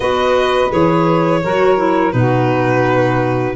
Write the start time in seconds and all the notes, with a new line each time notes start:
0.00 B3 F#4 B4 D#5
0.70 E3 G#4 C#5
1.43 F#3 F#4 A#4
1.77 E4
2.12 B2 D#4 F#4 B4